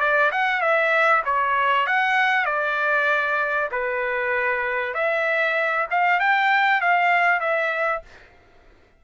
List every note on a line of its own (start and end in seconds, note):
0.00 0.31 D5
0.32 0.61 F#5
0.61 1.23 E5
1.25 1.87 C#5
1.87 2.46 F#5
2.46 3.70 D5
3.72 4.95 B4
4.95 5.87 E5
5.91 6.20 F5
6.20 6.81 G5
6.81 7.41 F5
7.41 8.02 E5